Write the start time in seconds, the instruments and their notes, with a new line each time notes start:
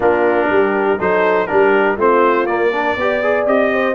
0.00 tuba A#3, trombone D4, horn F4, trumpet A#4
0.48 tuba G3, horn G4
0.98 tuba F#3, trombone D#4, horn A4, trumpet C5
1.46 tuba G3, trombone D4, horn G4, trumpet A#4
1.96 tuba A3, trombone C4, horn F4, trumpet C5
2.46 tuba A#3, trombone A#3, trumpet D5
2.70 trombone D4, horn A#4
2.96 tuba B3, trombone G4, horn D5
3.23 trombone G#4
3.45 tuba C4, trombone G4, trumpet D#5
3.73 horn C5